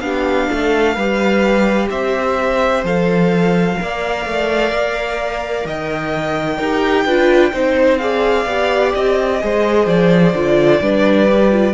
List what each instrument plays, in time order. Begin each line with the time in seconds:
0.00 cello B3, viola D4, violin G4 F5
0.50 cello A3, violin A4
0.94 cello G3, viola G4, violin B4
1.90 cello C4, violin C5 E5
2.83 cello F3, viola A4, violin F5
3.76 cello A#3, viola A#4
3.82 violin D5
4.25 cello A3
4.72 cello A#3
5.64 cello D#3, violin D#5 G5
6.57 cello D#4, viola G4, violin A#4
7.05 cello D4, viola F4, violin B4
7.52 cello C4, viola D#4, violin C5
7.97 viola G#4, violin D5 F5
8.45 cello B3, viola G4
8.94 cello C4, violin D#5
9.40 cello G#3, viola G#4, violin C5
9.86 cello F3, violin D5
10.33 cello D3, viola F4
10.80 cello G3, viola D4, violin B4
11.28 viola G4
11.51 viola F4